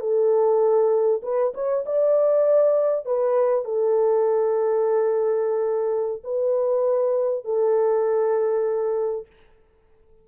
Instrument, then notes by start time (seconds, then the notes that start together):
horn
0.00 A4
1.23 B4
1.54 C#5
1.86 D5
3.05 B4
3.65 A4
6.24 B4
7.45 A4